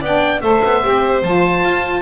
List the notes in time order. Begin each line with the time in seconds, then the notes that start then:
0.00 B3 D4 D5 G5
0.41 A3 A4 C5 E5
0.64 B3
0.82 C4 G4
1.23 F3 F4 A5
1.63 F4